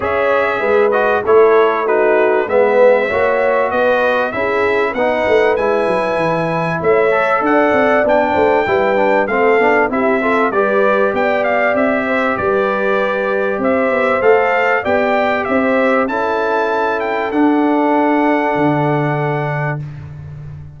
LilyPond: <<
  \new Staff \with { instrumentName = "trumpet" } { \time 4/4 \tempo 4 = 97 e''4. dis''8 cis''4 b'4 | e''2 dis''4 e''4 | fis''4 gis''2 e''4 | fis''4 g''2 f''4 |
e''4 d''4 g''8 f''8 e''4 | d''2 e''4 f''4 | g''4 e''4 a''4. g''8 | fis''1 | }
  \new Staff \with { instrumentName = "horn" } { \time 4/4 cis''4 b'4 a'4 fis'4 | b'4 cis''4 b'4 gis'4 | b'2. cis''4 | d''4. c''8 b'4 a'4 |
g'8 a'8 b'4 d''4. c''8 | b'2 c''2 | d''4 c''4 a'2~ | a'1 | }
  \new Staff \with { instrumentName = "trombone" } { \time 4/4 gis'4. fis'8 e'4 dis'4 | b4 fis'2 e'4 | dis'4 e'2~ e'8 a'8~ | a'4 d'4 e'8 d'8 c'8 d'8 |
e'8 f'8 g'2.~ | g'2. a'4 | g'2 e'2 | d'1 | }
  \new Staff \with { instrumentName = "tuba" } { \time 4/4 cis'4 gis4 a2 | gis4 ais4 b4 cis'4 | b8 a8 gis8 fis8 e4 a4 | d'8 c'8 b8 a8 g4 a8 b8 |
c'4 g4 b4 c'4 | g2 c'8 b8 a4 | b4 c'4 cis'2 | d'2 d2 | }
>>